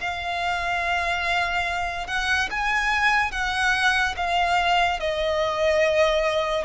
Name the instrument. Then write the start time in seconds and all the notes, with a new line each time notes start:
violin
0.00 F5
2.07 F#5
2.50 G#5
3.31 F#5
4.16 F5
5.00 D#5